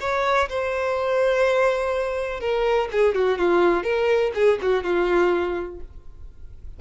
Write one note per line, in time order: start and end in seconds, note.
0.00 0.48 C#5
0.49 2.40 C5
2.40 2.89 A#4
2.92 3.15 G#4
3.15 3.38 F#4
3.38 3.83 F4
3.83 4.32 A#4
4.35 4.59 G#4
4.62 4.83 F#4
4.83 5.80 F4